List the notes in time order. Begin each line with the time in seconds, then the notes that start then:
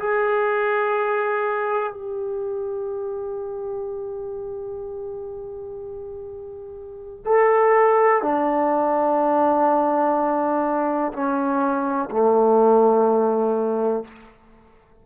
0.00 G#4
1.93 G4
7.26 A4
8.23 D4
11.13 C#4
12.11 A3